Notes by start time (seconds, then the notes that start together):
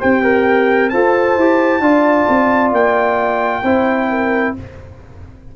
0.00 C4 G4 C5 G5
0.23 A#4
0.90 F4 A4 C5 A5
1.37 E4 G4
1.80 D4 F4 D5
2.29 C4
2.72 A#3 G5
3.63 C4 E4 C5
4.10 A#4